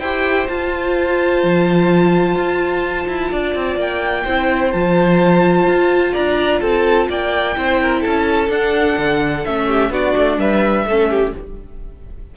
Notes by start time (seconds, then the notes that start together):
0.00 E4 G4 C5 G5
0.48 F4 A5
1.43 F3
2.35 F4
3.08 E4
3.32 D4 D5
3.55 C4
3.76 A#3 G5
4.24 C4 E4 C5
4.72 F3 F4 A5
5.66 F4
6.12 D4 D5 A#5
6.61 C4 A4 A5
7.09 A#3 D5 G5
7.55 C4 E4 C5
7.81 A#4
8.00 C#4 A4 A5
8.49 D4 F#5
8.98 D3
9.45 A3 C#4 E5
9.68 G4
9.90 B3 D4 F#4 D5
10.17 A3
10.38 G3 B4 E5
10.85 A3 C#4 A4
11.10 G4